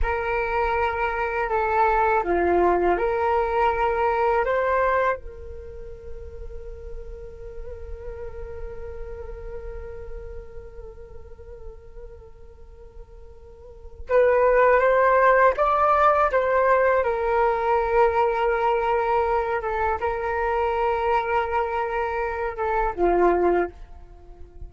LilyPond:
\new Staff \with { instrumentName = "flute" } { \time 4/4 \tempo 4 = 81 ais'2 a'4 f'4 | ais'2 c''4 ais'4~ | ais'1~ | ais'1~ |
ais'2. b'4 | c''4 d''4 c''4 ais'4~ | ais'2~ ais'8 a'8 ais'4~ | ais'2~ ais'8 a'8 f'4 | }